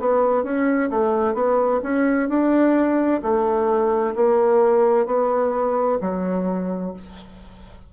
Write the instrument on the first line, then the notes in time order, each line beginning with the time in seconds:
bassoon
0.00 B3
0.44 C#4
0.90 A3
1.34 B3
1.83 C#4
2.29 D4
3.23 A3
4.15 A#3
5.06 B3
6.01 F#3